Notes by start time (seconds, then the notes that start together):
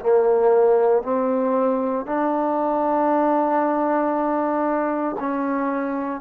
0.00 A#3
1.03 C4
2.06 D4
5.19 C#4